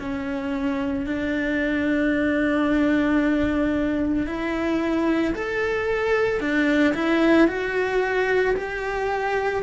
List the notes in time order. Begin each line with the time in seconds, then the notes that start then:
0.00 C#4
1.06 D4
4.27 E4
5.35 A4
6.40 D4
6.94 E4
7.48 F#4
8.57 G4